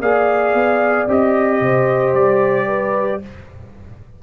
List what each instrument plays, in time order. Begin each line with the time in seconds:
0.00 tuba A#3, trombone G#4, horn D5, trumpet F5
0.53 tuba B3
1.07 tuba C4, trombone G4, trumpet D#5
1.61 tuba C3, horn C5
2.14 tuba G3, trumpet D5
2.67 horn B4